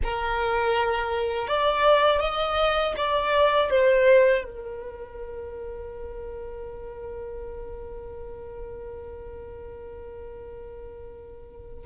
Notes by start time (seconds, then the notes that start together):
0.03 A#4
1.47 D5
2.20 D#5
2.96 D5
3.70 C5
4.44 A#4